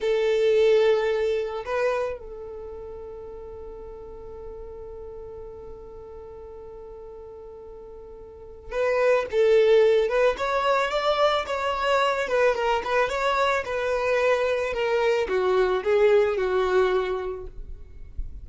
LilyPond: \new Staff \with { instrumentName = "violin" } { \time 4/4 \tempo 4 = 110 a'2. b'4 | a'1~ | a'1~ | a'1 |
b'4 a'4. b'8 cis''4 | d''4 cis''4. b'8 ais'8 b'8 | cis''4 b'2 ais'4 | fis'4 gis'4 fis'2 | }